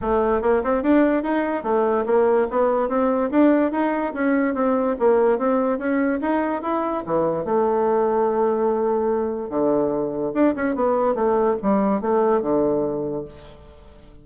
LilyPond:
\new Staff \with { instrumentName = "bassoon" } { \time 4/4 \tempo 4 = 145 a4 ais8 c'8 d'4 dis'4 | a4 ais4 b4 c'4 | d'4 dis'4 cis'4 c'4 | ais4 c'4 cis'4 dis'4 |
e'4 e4 a2~ | a2. d4~ | d4 d'8 cis'8 b4 a4 | g4 a4 d2 | }